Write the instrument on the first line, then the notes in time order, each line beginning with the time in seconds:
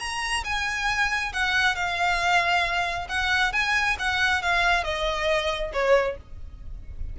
violin
0.00 A#5
0.45 G#5
1.33 F#5
1.76 F5
3.09 F#5
3.53 G#5
3.99 F#5
4.43 F5
4.84 D#5
5.74 C#5